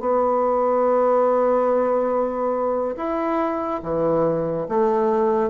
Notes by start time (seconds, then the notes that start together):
0.00 B3
2.97 E4
3.83 E3
4.69 A3